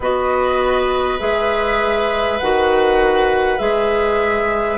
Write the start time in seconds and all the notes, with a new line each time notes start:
0.00 B3 F#4 B4 D#5
1.19 G#3 G#4 E5
2.39 D#3 F#4 F#5
3.58 G#3 G#4 E5